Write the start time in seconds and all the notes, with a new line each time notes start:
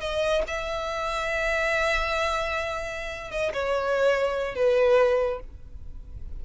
0.00 D#5
0.47 E5
3.31 D#5
3.53 C#5
4.55 B4